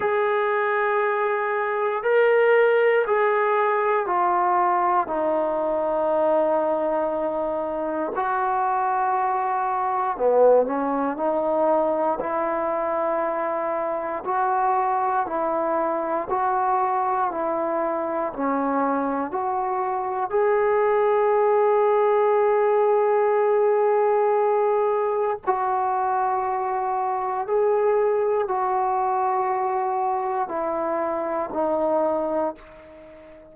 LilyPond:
\new Staff \with { instrumentName = "trombone" } { \time 4/4 \tempo 4 = 59 gis'2 ais'4 gis'4 | f'4 dis'2. | fis'2 b8 cis'8 dis'4 | e'2 fis'4 e'4 |
fis'4 e'4 cis'4 fis'4 | gis'1~ | gis'4 fis'2 gis'4 | fis'2 e'4 dis'4 | }